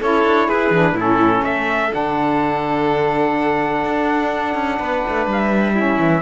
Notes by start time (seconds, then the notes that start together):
0.00 C#4 E4 A4 C#5
0.24 D4
0.48 E4 G#4 B4
0.70 E3 D4
0.92 A2 C#4 E4
0.99 A4
1.43 A3 A4 E5
1.89 D3 D4 F#5
3.85 D4
4.54 C#4
4.78 B3 B4
5.08 A3
5.26 G3 E5
5.74 C#4 E4
5.99 E3